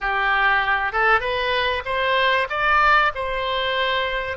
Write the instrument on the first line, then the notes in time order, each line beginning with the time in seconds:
oboe
0.00 G4
0.92 A4
1.20 B4
1.85 C5
2.49 D5
3.14 C5